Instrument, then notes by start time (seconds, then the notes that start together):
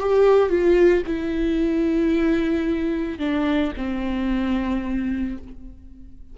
viola
0.00 G4
0.50 F4
1.07 E4
3.19 D4
3.77 C4